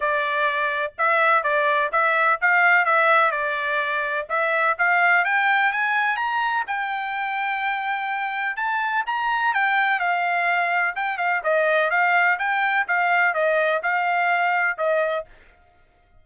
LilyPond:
\new Staff \with { instrumentName = "trumpet" } { \time 4/4 \tempo 4 = 126 d''2 e''4 d''4 | e''4 f''4 e''4 d''4~ | d''4 e''4 f''4 g''4 | gis''4 ais''4 g''2~ |
g''2 a''4 ais''4 | g''4 f''2 g''8 f''8 | dis''4 f''4 g''4 f''4 | dis''4 f''2 dis''4 | }